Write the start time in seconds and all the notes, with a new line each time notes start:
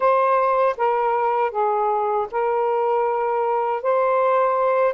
0.00 C5
0.77 A#4
1.51 G#4
2.31 A#4
3.82 C5